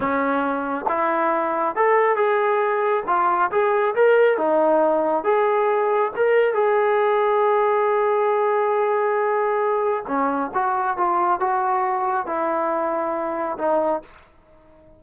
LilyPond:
\new Staff \with { instrumentName = "trombone" } { \time 4/4 \tempo 4 = 137 cis'2 e'2 | a'4 gis'2 f'4 | gis'4 ais'4 dis'2 | gis'2 ais'4 gis'4~ |
gis'1~ | gis'2. cis'4 | fis'4 f'4 fis'2 | e'2. dis'4 | }